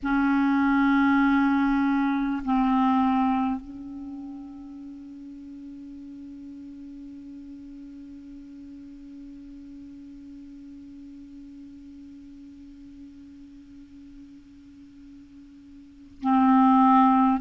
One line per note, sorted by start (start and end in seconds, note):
0.02 2.42 C#4
2.44 3.61 C4
3.61 16.21 C#4
16.21 17.41 C4